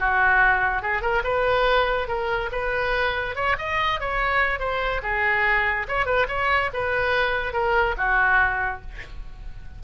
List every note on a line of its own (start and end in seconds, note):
0.00 0.83 F#4
0.83 1.02 G#4
1.02 1.23 A#4
1.24 2.08 B4
2.08 2.50 A#4
2.52 3.36 B4
3.36 3.57 C#5
3.59 4.01 D#5
4.01 4.60 C#5
4.60 5.02 C5
5.03 5.87 G#4
5.89 6.06 C#5
6.06 6.27 B4
6.29 6.71 C#5
6.74 7.54 B4
7.54 7.95 A#4
7.98 8.82 F#4